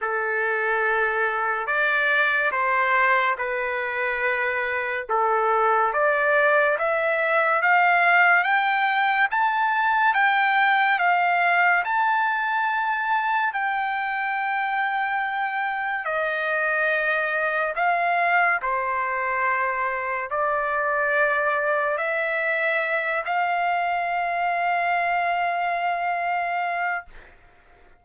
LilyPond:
\new Staff \with { instrumentName = "trumpet" } { \time 4/4 \tempo 4 = 71 a'2 d''4 c''4 | b'2 a'4 d''4 | e''4 f''4 g''4 a''4 | g''4 f''4 a''2 |
g''2. dis''4~ | dis''4 f''4 c''2 | d''2 e''4. f''8~ | f''1 | }